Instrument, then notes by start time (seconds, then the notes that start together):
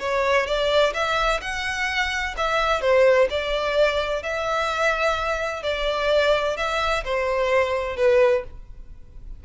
violin
0.00 C#5
0.47 D5
0.94 E5
1.42 F#5
2.38 E5
2.82 C5
3.30 D5
4.23 E5
5.63 D5
6.57 E5
7.05 C5
7.97 B4